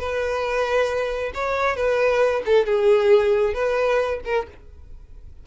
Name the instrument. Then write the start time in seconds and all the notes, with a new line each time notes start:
violin
0.00 B4
1.34 C#5
1.76 B4
2.46 A4
2.66 G#4
3.54 B4
4.25 A#4